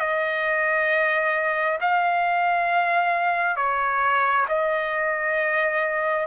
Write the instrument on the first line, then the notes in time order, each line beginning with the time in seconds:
trumpet
0.00 D#5
1.81 F5
3.57 C#5
4.49 D#5